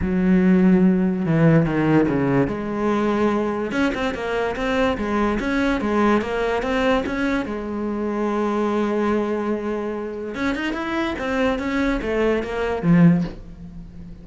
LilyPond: \new Staff \with { instrumentName = "cello" } { \time 4/4 \tempo 4 = 145 fis2. e4 | dis4 cis4 gis2~ | gis4 cis'8 c'8 ais4 c'4 | gis4 cis'4 gis4 ais4 |
c'4 cis'4 gis2~ | gis1~ | gis4 cis'8 dis'8 e'4 c'4 | cis'4 a4 ais4 f4 | }